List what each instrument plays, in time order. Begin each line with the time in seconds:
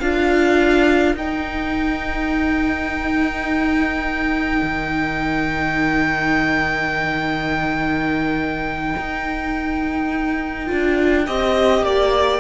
0.00 cello D4, viola F4, violin A#4 F5
1.15 cello D#4, viola D#4, violin G5
4.62 cello D#3
8.97 cello D#4
10.67 cello D4, viola F4
11.26 cello C4, viola G4, violin D#5
11.82 cello A#3, violin D5